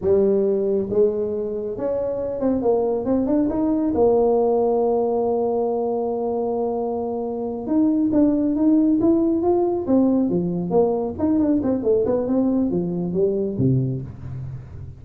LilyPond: \new Staff \with { instrumentName = "tuba" } { \time 4/4 \tempo 4 = 137 g2 gis2 | cis'4. c'8 ais4 c'8 d'8 | dis'4 ais2.~ | ais1~ |
ais4. dis'4 d'4 dis'8~ | dis'8 e'4 f'4 c'4 f8~ | f8 ais4 dis'8 d'8 c'8 a8 b8 | c'4 f4 g4 c4 | }